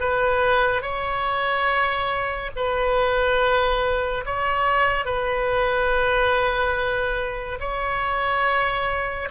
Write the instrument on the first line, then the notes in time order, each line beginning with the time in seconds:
oboe
0.00 B4
0.82 C#5
2.56 B4
4.26 C#5
5.06 B4
7.60 C#5